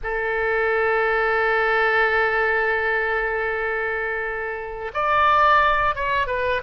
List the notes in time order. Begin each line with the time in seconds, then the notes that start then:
0.03 A4
4.93 D5
5.95 C#5
6.26 B4